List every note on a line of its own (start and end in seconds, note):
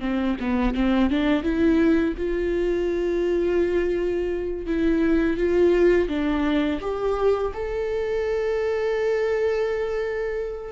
0.00 0.36 C4
0.40 0.74 B3
0.74 1.10 C4
1.10 1.43 D4
1.43 2.15 E4
2.17 4.66 F4
4.66 5.37 E4
5.37 6.08 F4
6.08 6.80 D4
6.81 7.52 G4
7.54 10.72 A4